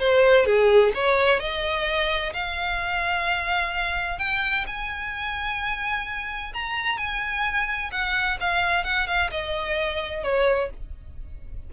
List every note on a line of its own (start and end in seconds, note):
0.00 0.46 C5
0.46 0.93 G#4
0.95 1.40 C#5
1.40 2.33 D#5
2.34 4.19 F5
4.19 4.66 G5
4.67 6.53 G#5
6.54 6.98 A#5
6.98 7.91 G#5
7.92 8.39 F#5
8.41 8.85 F5
8.85 9.08 F#5
9.08 9.31 F5
9.31 10.24 D#5
10.24 10.71 C#5